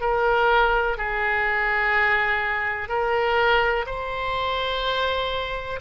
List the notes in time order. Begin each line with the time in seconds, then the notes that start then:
0.00 A#4
0.97 G#4
2.88 A#4
3.86 C5